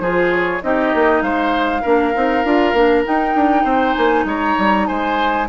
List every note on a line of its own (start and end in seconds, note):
0.00 0.61 F3
0.00 0.62 F4
0.00 0.62 G#4
0.00 0.32 C5
0.32 0.62 C#5
0.62 0.93 C4
0.62 1.83 D#4
0.62 1.24 G4
0.62 1.22 D#5
0.95 1.22 A#3
1.22 1.82 G#3
1.22 1.82 C5
1.22 3.04 F5
1.82 2.15 A#3
1.82 2.14 D4
1.82 3.64 A#4
2.14 2.44 C4
2.14 2.45 D#4
2.44 2.74 D4
2.44 2.75 F4
2.74 3.04 A#3
2.74 3.05 D4
3.05 5.47 D#4
3.05 3.35 D#4
3.05 3.94 G5
3.35 3.64 D4
3.64 3.95 C4
3.64 4.24 C5
3.94 4.25 A#3
3.94 4.25 G#5
4.25 4.55 G#3
4.25 4.87 C#5
4.25 4.87 A#5
4.58 4.89 G3
4.87 5.48 G#3
4.87 5.48 C5
4.87 5.48 G#5